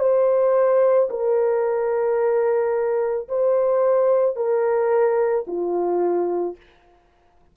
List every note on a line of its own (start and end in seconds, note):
0.00 1.09 C5
1.10 3.28 A#4
3.29 4.36 C5
4.36 5.45 A#4
5.47 6.57 F4